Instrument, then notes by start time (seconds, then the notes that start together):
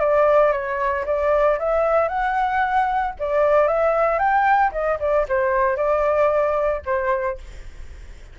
flute
0.00 D5
0.52 C#5
1.06 D5
1.59 E5
2.09 F#5
3.19 D5
3.68 E5
4.19 G5
4.72 D#5
5.00 D5
5.28 C5
5.77 D5
6.85 C5